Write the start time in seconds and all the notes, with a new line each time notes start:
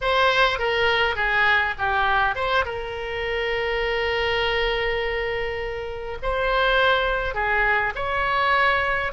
0.01 C5
0.58 A#4
1.15 G#4
1.78 G4
2.35 C5
2.65 A#4
6.22 C5
7.34 G#4
7.95 C#5